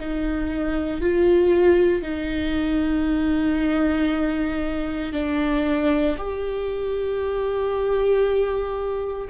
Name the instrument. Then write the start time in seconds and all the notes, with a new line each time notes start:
viola
0.00 D#4
1.01 F4
2.02 D#4
5.13 D4
6.18 G4